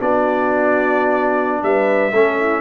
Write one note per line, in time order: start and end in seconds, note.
0.00 1.63 B3
0.00 2.12 D4
0.00 1.63 F#4
0.00 1.64 D5
1.63 2.12 G3
1.63 2.14 B4
1.63 2.61 E5
2.12 2.61 A3
2.12 2.61 C#4
2.12 2.39 A4
2.39 2.61 E4